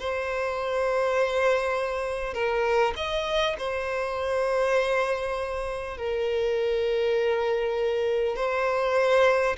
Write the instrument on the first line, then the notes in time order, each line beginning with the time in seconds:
violin
0.00 C5
2.35 A#4
2.97 D#5
3.59 C5
5.98 A#4
8.37 C5